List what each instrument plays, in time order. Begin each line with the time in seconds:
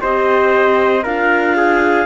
0.00 cello C4, horn G4, trumpet C5, clarinet D#5
1.03 cello D4, horn F4, trumpet A#4, clarinet F5
1.56 trumpet G#4